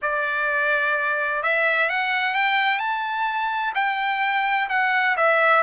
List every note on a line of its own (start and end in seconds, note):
0.02 1.42 D5
1.42 1.89 E5
1.89 2.34 F#5
2.34 2.79 G5
2.79 3.72 A5
3.75 4.68 G5
4.69 5.16 F#5
5.16 5.62 E5